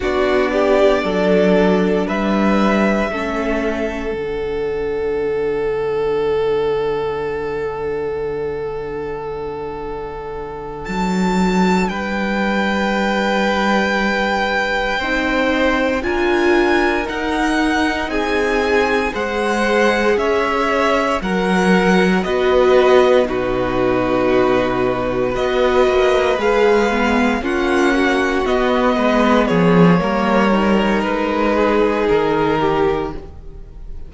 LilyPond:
<<
  \new Staff \with { instrumentName = "violin" } { \time 4/4 \tempo 4 = 58 d''2 e''2 | fis''1~ | fis''2~ fis''8 a''4 g''8~ | g''2.~ g''8 gis''8~ |
gis''8 fis''4 gis''4 fis''4 e''8~ | e''8 fis''4 dis''4 b'4.~ | b'8 dis''4 f''4 fis''4 dis''8~ | dis''8 cis''4. b'4 ais'4 | }
  \new Staff \with { instrumentName = "violin" } { \time 4/4 fis'8 g'8 a'4 b'4 a'4~ | a'1~ | a'2.~ a'8 b'8~ | b'2~ b'8 c''4 ais'8~ |
ais'4. gis'4 c''4 cis''8~ | cis''8 ais'4 b'4 fis'4.~ | fis'8 b'2 f'8 fis'4 | b'8 gis'8 ais'4. gis'4 g'8 | }
  \new Staff \with { instrumentName = "viola" } { \time 4/4 d'2. cis'4 | d'1~ | d'1~ | d'2~ d'8 dis'4 f'8~ |
f'8 dis'2 gis'4.~ | gis'8 ais'4 fis'4 dis'4.~ | dis'8 fis'4 gis'8 b8 cis'4 b8~ | b4 ais8 dis'2~ dis'8 | }
  \new Staff \with { instrumentName = "cello" } { \time 4/4 b4 fis4 g4 a4 | d1~ | d2~ d8 fis4 g8~ | g2~ g8 c'4 d'8~ |
d'8 dis'4 c'4 gis4 cis'8~ | cis'8 fis4 b4 b,4.~ | b,8 b8 ais8 gis4 ais4 b8 | gis8 f8 g4 gis4 dis4 | }
>>